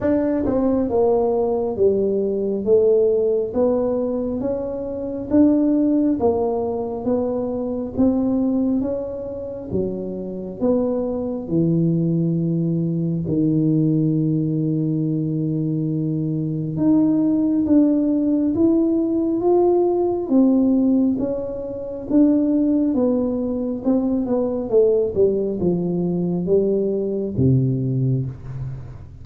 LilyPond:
\new Staff \with { instrumentName = "tuba" } { \time 4/4 \tempo 4 = 68 d'8 c'8 ais4 g4 a4 | b4 cis'4 d'4 ais4 | b4 c'4 cis'4 fis4 | b4 e2 dis4~ |
dis2. dis'4 | d'4 e'4 f'4 c'4 | cis'4 d'4 b4 c'8 b8 | a8 g8 f4 g4 c4 | }